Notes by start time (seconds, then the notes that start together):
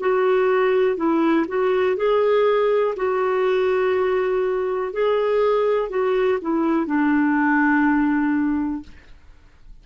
0.00 F#4
0.97 E4
1.48 F#4
1.97 G#4
2.96 F#4
4.93 G#4
5.90 F#4
6.42 E4
6.86 D4